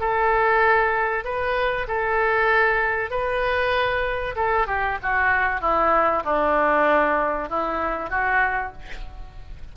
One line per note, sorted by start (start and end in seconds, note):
0.00 1.24 A4
1.24 1.87 B4
1.88 3.10 A4
3.10 4.35 B4
4.36 4.67 A4
4.67 4.98 G4
5.03 5.61 F#4
5.61 6.23 E4
6.24 7.49 D4
7.49 8.10 E4
8.10 8.72 F#4